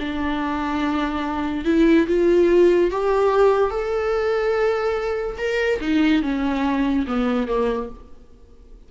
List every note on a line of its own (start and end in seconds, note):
0.00 1.65 D4
1.65 2.07 E4
2.08 2.91 F4
2.91 3.71 G4
3.71 5.37 A4
5.38 5.80 A#4
5.81 6.23 D#4
6.23 7.06 C#4
7.08 7.48 B3
7.48 7.90 A#3